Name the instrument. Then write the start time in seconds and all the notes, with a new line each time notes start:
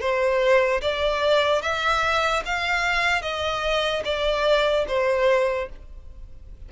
violin
0.00 C5
0.81 D5
1.62 E5
2.45 F5
3.22 D#5
4.04 D5
4.88 C5